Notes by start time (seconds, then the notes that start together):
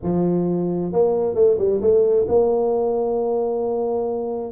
0.02 F3
0.92 A#3
1.34 A3
1.58 G3
1.81 A3
2.27 A#3